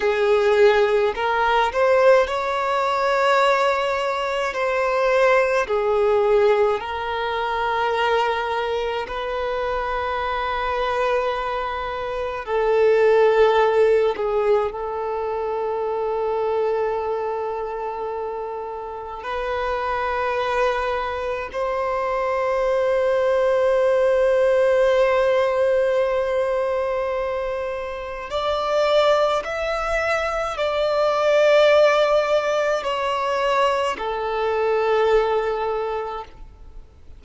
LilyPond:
\new Staff \with { instrumentName = "violin" } { \time 4/4 \tempo 4 = 53 gis'4 ais'8 c''8 cis''2 | c''4 gis'4 ais'2 | b'2. a'4~ | a'8 gis'8 a'2.~ |
a'4 b'2 c''4~ | c''1~ | c''4 d''4 e''4 d''4~ | d''4 cis''4 a'2 | }